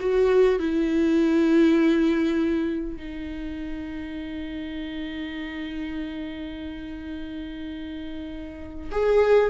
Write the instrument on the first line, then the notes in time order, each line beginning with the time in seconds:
viola
0.00 F#4
0.59 E4
2.96 D#4
8.92 G#4